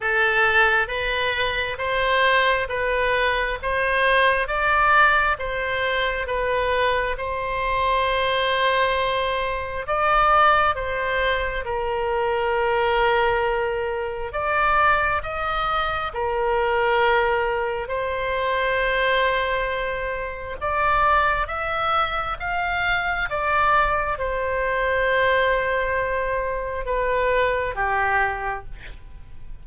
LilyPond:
\new Staff \with { instrumentName = "oboe" } { \time 4/4 \tempo 4 = 67 a'4 b'4 c''4 b'4 | c''4 d''4 c''4 b'4 | c''2. d''4 | c''4 ais'2. |
d''4 dis''4 ais'2 | c''2. d''4 | e''4 f''4 d''4 c''4~ | c''2 b'4 g'4 | }